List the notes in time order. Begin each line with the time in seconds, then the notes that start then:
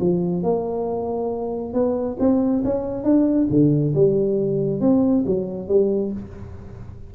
0.00 F3
0.43 A#3
1.73 B3
2.19 C4
2.64 C#4
3.03 D4
3.50 D3
3.94 G3
4.80 C4
5.26 F#3
5.68 G3